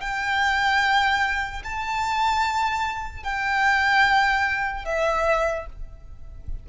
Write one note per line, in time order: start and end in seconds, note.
0.00 1.62 G5
1.63 3.23 A5
3.23 4.85 G5
4.85 5.66 E5